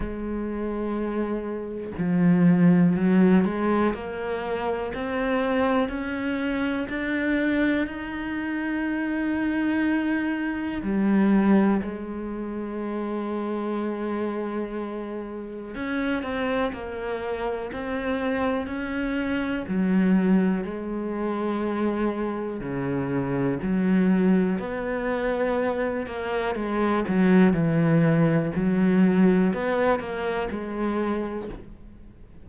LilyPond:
\new Staff \with { instrumentName = "cello" } { \time 4/4 \tempo 4 = 61 gis2 f4 fis8 gis8 | ais4 c'4 cis'4 d'4 | dis'2. g4 | gis1 |
cis'8 c'8 ais4 c'4 cis'4 | fis4 gis2 cis4 | fis4 b4. ais8 gis8 fis8 | e4 fis4 b8 ais8 gis4 | }